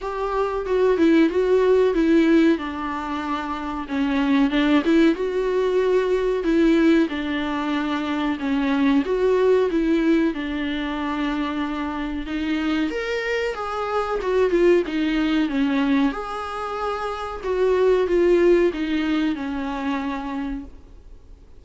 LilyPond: \new Staff \with { instrumentName = "viola" } { \time 4/4 \tempo 4 = 93 g'4 fis'8 e'8 fis'4 e'4 | d'2 cis'4 d'8 e'8 | fis'2 e'4 d'4~ | d'4 cis'4 fis'4 e'4 |
d'2. dis'4 | ais'4 gis'4 fis'8 f'8 dis'4 | cis'4 gis'2 fis'4 | f'4 dis'4 cis'2 | }